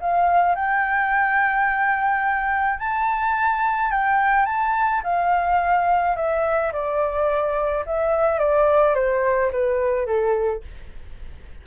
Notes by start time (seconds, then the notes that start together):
0.00 F5
0.55 G5
2.79 A5
3.91 G5
4.45 A5
5.03 F5
6.16 E5
6.72 D5
7.86 E5
8.39 D5
8.95 C5
9.51 B4
10.06 A4